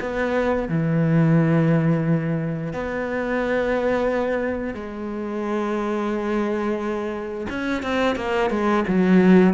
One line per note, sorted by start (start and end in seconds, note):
0.00 0.68 B3
0.68 2.73 E3
2.73 4.74 B3
4.74 7.47 G#3
7.49 7.82 C#4
7.82 8.16 C4
8.16 8.50 A#3
8.50 8.84 G#3
8.88 9.53 F#3